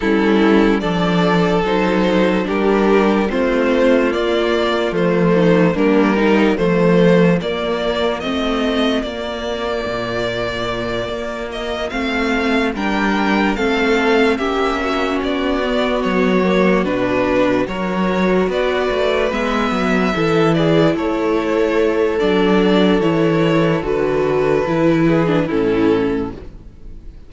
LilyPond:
<<
  \new Staff \with { instrumentName = "violin" } { \time 4/4 \tempo 4 = 73 a'4 d''4 c''4 ais'4 | c''4 d''4 c''4 ais'4 | c''4 d''4 dis''4 d''4~ | d''2 dis''8 f''4 g''8~ |
g''8 f''4 e''4 d''4 cis''8~ | cis''8 b'4 cis''4 d''4 e''8~ | e''4 d''8 cis''4. d''4 | cis''4 b'2 a'4 | }
  \new Staff \with { instrumentName = "violin" } { \time 4/4 e'4 a'2 g'4 | f'2~ f'8 dis'8 d'8 ais8 | f'1~ | f'2.~ f'8 ais'8~ |
ais'8 a'4 g'8 fis'2~ | fis'4. ais'4 b'4.~ | b'8 a'8 gis'8 a'2~ a'8~ | a'2~ a'8 gis'8 e'4 | }
  \new Staff \with { instrumentName = "viola" } { \time 4/4 cis'4 d'4 dis'4 d'4 | c'4 ais4 a4 ais8 dis'8 | a4 ais4 c'4 ais4~ | ais2~ ais8 c'4 d'8~ |
d'8 c'4 cis'4. b4 | ais8 d'4 fis'2 b8~ | b8 e'2~ e'8 d'4 | e'4 fis'4 e'8. d'16 cis'4 | }
  \new Staff \with { instrumentName = "cello" } { \time 4/4 g4 f4 fis4 g4 | a4 ais4 f4 g4 | f4 ais4 a4 ais4 | ais,4. ais4 a4 g8~ |
g8 a4 ais4 b4 fis8~ | fis8 b,4 fis4 b8 a8 gis8 | fis8 e4 a4. fis4 | e4 d4 e4 a,4 | }
>>